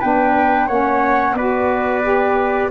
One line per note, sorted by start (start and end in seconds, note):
0.00 0.69 B3
0.00 0.70 D4
0.00 0.67 B4
0.00 0.69 G5
0.67 1.34 A#3
0.67 1.37 C#4
0.67 1.35 C#5
0.67 1.36 F#5
1.34 2.69 B3
1.34 2.03 F#4
1.34 2.71 B4
1.34 2.71 D5
2.03 2.71 G4